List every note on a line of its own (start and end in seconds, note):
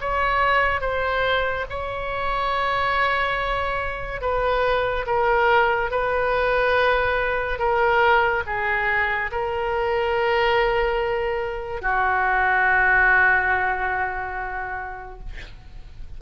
0.00 0.81 C#5
0.81 1.65 C5
1.69 4.21 C#5
4.21 5.06 B4
5.06 5.91 A#4
5.91 7.58 B4
7.58 8.43 A#4
8.46 9.31 G#4
9.31 11.81 A#4
11.81 15.19 F#4